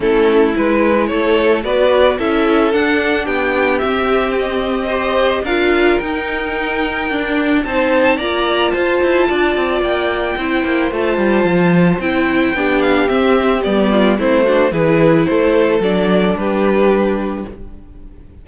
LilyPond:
<<
  \new Staff \with { instrumentName = "violin" } { \time 4/4 \tempo 4 = 110 a'4 b'4 cis''4 d''4 | e''4 fis''4 g''4 e''4 | dis''2 f''4 g''4~ | g''2 a''4 ais''4 |
a''2 g''2 | a''2 g''4. f''8 | e''4 d''4 c''4 b'4 | c''4 d''4 b'2 | }
  \new Staff \with { instrumentName = "violin" } { \time 4/4 e'2 a'4 b'4 | a'2 g'2~ | g'4 c''4 ais'2~ | ais'2 c''4 d''4 |
c''4 d''2 c''4~ | c''2. g'4~ | g'4. f'8 e'8 fis'8 gis'4 | a'2 g'2 | }
  \new Staff \with { instrumentName = "viola" } { \time 4/4 cis'4 e'2 fis'4 | e'4 d'2 c'4~ | c'4 g'4 f'4 dis'4~ | dis'4 d'4 dis'4 f'4~ |
f'2. e'4 | f'2 e'4 d'4 | c'4 b4 c'8 d'8 e'4~ | e'4 d'2. | }
  \new Staff \with { instrumentName = "cello" } { \time 4/4 a4 gis4 a4 b4 | cis'4 d'4 b4 c'4~ | c'2 d'4 dis'4~ | dis'4 d'4 c'4 ais4 |
f'8 e'8 d'8 c'8 ais4 c'8 ais8 | a8 g8 f4 c'4 b4 | c'4 g4 a4 e4 | a4 fis4 g2 | }
>>